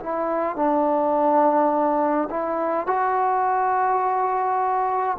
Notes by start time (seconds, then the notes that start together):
0.00 E4
0.56 D4
2.30 E4
2.87 F#4